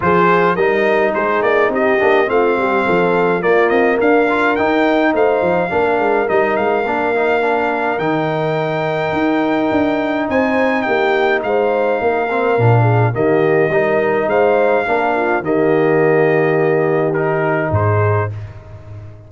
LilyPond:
<<
  \new Staff \with { instrumentName = "trumpet" } { \time 4/4 \tempo 4 = 105 c''4 dis''4 c''8 d''8 dis''4 | f''2 d''8 dis''8 f''4 | g''4 f''2 dis''8 f''8~ | f''2 g''2~ |
g''2 gis''4 g''4 | f''2. dis''4~ | dis''4 f''2 dis''4~ | dis''2 ais'4 c''4 | }
  \new Staff \with { instrumentName = "horn" } { \time 4/4 gis'4 ais'4 gis'4 g'4 | f'8 g'8 a'4 f'4 ais'4~ | ais'4 c''4 ais'2~ | ais'1~ |
ais'2 c''4 g'4 | c''4 ais'4. gis'8 g'4 | ais'4 c''4 ais'8 f'8 g'4~ | g'2. gis'4 | }
  \new Staff \with { instrumentName = "trombone" } { \time 4/4 f'4 dis'2~ dis'8 d'8 | c'2 ais4. f'8 | dis'2 d'4 dis'4 | d'8 dis'8 d'4 dis'2~ |
dis'1~ | dis'4. c'8 d'4 ais4 | dis'2 d'4 ais4~ | ais2 dis'2 | }
  \new Staff \with { instrumentName = "tuba" } { \time 4/4 f4 g4 gis8 ais8 c'8 ais8 | a8 g8 f4 ais8 c'8 d'4 | dis'4 a8 f8 ais8 gis8 g8 gis8 | ais2 dis2 |
dis'4 d'4 c'4 ais4 | gis4 ais4 ais,4 dis4 | g4 gis4 ais4 dis4~ | dis2. gis,4 | }
>>